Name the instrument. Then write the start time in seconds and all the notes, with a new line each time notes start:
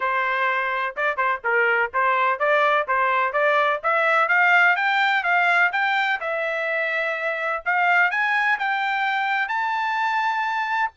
trumpet
0.00 C5
0.96 D5
1.16 C5
1.44 A#4
1.93 C5
2.39 D5
2.87 C5
3.32 D5
3.83 E5
4.28 F5
4.76 G5
5.23 F5
5.72 G5
6.20 E5
7.65 F5
8.10 G#5
8.58 G5
9.48 A5